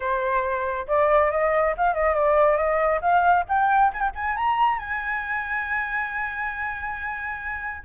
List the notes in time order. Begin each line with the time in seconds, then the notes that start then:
0.00 C5
0.87 D5
1.31 D#5
1.77 F5
1.93 D#5
2.14 D5
2.57 D#5
3.01 F5
3.48 G5
3.93 G#5
4.00 G5
4.15 G#5
4.36 A#5
4.78 G#5